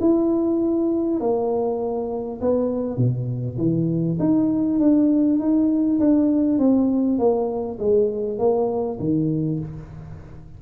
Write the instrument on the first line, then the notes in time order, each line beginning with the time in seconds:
tuba
0.00 E4
1.20 A#3
2.41 B3
2.97 B2
3.58 E3
4.19 D#4
4.79 D4
5.39 D#4
6.00 D4
6.59 C4
7.19 A#3
7.79 G#3
8.39 A#3
8.99 D#3